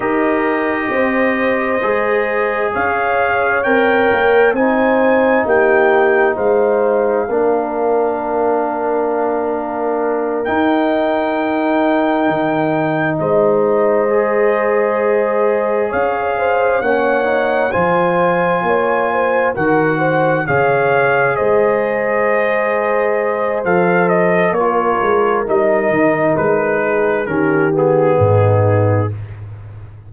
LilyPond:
<<
  \new Staff \with { instrumentName = "trumpet" } { \time 4/4 \tempo 4 = 66 dis''2. f''4 | g''4 gis''4 g''4 f''4~ | f''2.~ f''8 g''8~ | g''2~ g''8 dis''4.~ |
dis''4. f''4 fis''4 gis''8~ | gis''4. fis''4 f''4 dis''8~ | dis''2 f''8 dis''8 cis''4 | dis''4 b'4 ais'8 gis'4. | }
  \new Staff \with { instrumentName = "horn" } { \time 4/4 ais'4 c''2 cis''4~ | cis''4 c''4 g'4 c''4 | ais'1~ | ais'2~ ais'8 c''4.~ |
c''4. cis''8 c''8 cis''4 c''8~ | c''8 cis''8 c''8 ais'8 c''8 cis''4 c''8~ | c''2. ais'4~ | ais'4. gis'8 g'4 dis'4 | }
  \new Staff \with { instrumentName = "trombone" } { \time 4/4 g'2 gis'2 | ais'4 dis'2. | d'2.~ d'8 dis'8~ | dis'2.~ dis'8 gis'8~ |
gis'2~ gis'8 cis'8 dis'8 f'8~ | f'4. fis'4 gis'4.~ | gis'2 a'4 f'4 | dis'2 cis'8 b4. | }
  \new Staff \with { instrumentName = "tuba" } { \time 4/4 dis'4 c'4 gis4 cis'4 | c'8 ais8 c'4 ais4 gis4 | ais2.~ ais8 dis'8~ | dis'4. dis4 gis4.~ |
gis4. cis'4 ais4 f8~ | f8 ais4 dis4 cis4 gis8~ | gis2 f4 ais8 gis8 | g8 dis8 gis4 dis4 gis,4 | }
>>